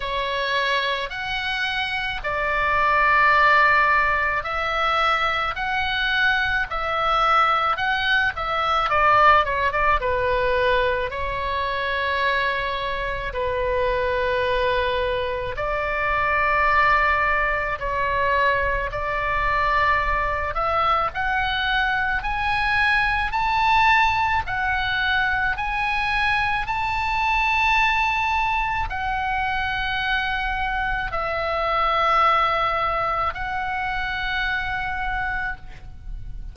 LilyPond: \new Staff \with { instrumentName = "oboe" } { \time 4/4 \tempo 4 = 54 cis''4 fis''4 d''2 | e''4 fis''4 e''4 fis''8 e''8 | d''8 cis''16 d''16 b'4 cis''2 | b'2 d''2 |
cis''4 d''4. e''8 fis''4 | gis''4 a''4 fis''4 gis''4 | a''2 fis''2 | e''2 fis''2 | }